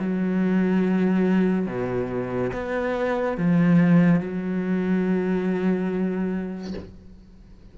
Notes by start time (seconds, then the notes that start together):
0.00 F#3
1.67 B2
2.54 B3
3.38 F3
4.21 F#3